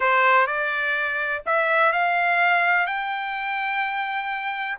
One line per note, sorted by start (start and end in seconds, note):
0.00 0.46 C5
0.46 1.42 D5
1.46 1.92 E5
1.92 2.86 F5
2.86 4.78 G5